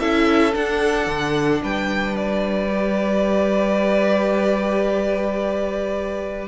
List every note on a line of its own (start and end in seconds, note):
0.00 0.54 C#4
0.00 0.52 E4
0.00 1.62 A4
0.00 0.54 E5
0.52 2.68 D4
0.52 1.07 D4
0.52 1.63 F#5
1.07 1.61 D3
1.63 6.48 G3
1.63 6.48 B4
1.63 2.16 G5
2.16 6.48 D5
2.70 6.48 G4